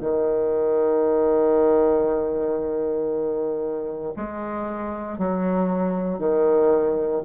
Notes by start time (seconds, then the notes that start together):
0.00 D#3
4.16 G#3
5.18 F#3
6.18 D#3